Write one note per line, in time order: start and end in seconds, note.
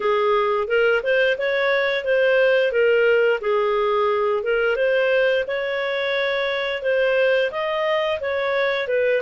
0.00 0.67 G#4
0.67 1.01 A#4
1.03 1.37 C5
1.38 2.04 C#5
2.04 2.71 C5
2.71 3.40 A#4
3.41 4.43 G#4
4.43 4.76 A#4
4.76 5.44 C5
5.47 6.82 C#5
6.82 7.50 C5
7.51 8.19 D#5
8.20 8.87 C#5
8.87 9.21 B4